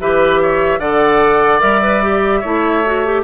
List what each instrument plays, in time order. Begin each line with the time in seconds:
0.00 bassoon E3, clarinet G4, oboe B4, flute E5
0.42 oboe C#5
0.79 bassoon D3, clarinet A4, oboe D5, flute F#5
1.60 bassoon G3, clarinet A#4, flute E5
1.82 clarinet B4
2.03 clarinet G4
2.40 bassoon A3, clarinet E4, oboe C#5
2.85 clarinet F#4
3.05 clarinet G4